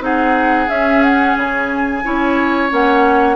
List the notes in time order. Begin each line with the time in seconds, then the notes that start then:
0.00 C4 D#4 G#4 F#5
0.69 C#4 E5
1.03 F#5
1.36 C#3 G#5
2.03 C#4 E4 C#5
2.70 A#3 C#4 F#5